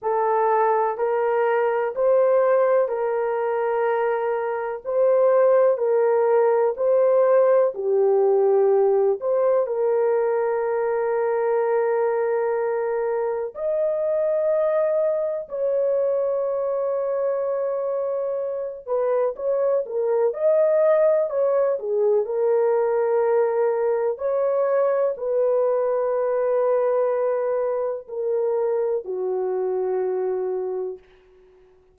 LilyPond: \new Staff \with { instrumentName = "horn" } { \time 4/4 \tempo 4 = 62 a'4 ais'4 c''4 ais'4~ | ais'4 c''4 ais'4 c''4 | g'4. c''8 ais'2~ | ais'2 dis''2 |
cis''2.~ cis''8 b'8 | cis''8 ais'8 dis''4 cis''8 gis'8 ais'4~ | ais'4 cis''4 b'2~ | b'4 ais'4 fis'2 | }